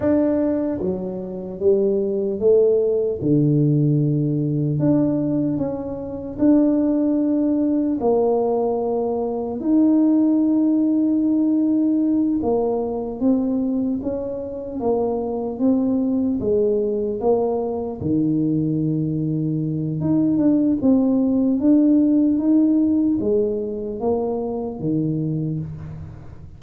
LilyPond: \new Staff \with { instrumentName = "tuba" } { \time 4/4 \tempo 4 = 75 d'4 fis4 g4 a4 | d2 d'4 cis'4 | d'2 ais2 | dis'2.~ dis'8 ais8~ |
ais8 c'4 cis'4 ais4 c'8~ | c'8 gis4 ais4 dis4.~ | dis4 dis'8 d'8 c'4 d'4 | dis'4 gis4 ais4 dis4 | }